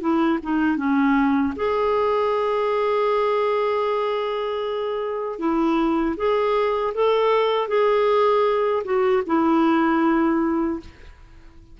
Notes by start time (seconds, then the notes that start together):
0.00 E4
0.42 D#4
0.76 C#4
1.56 G#4
5.38 E4
6.16 G#4
6.94 A4
7.68 G#4
8.84 F#4
9.26 E4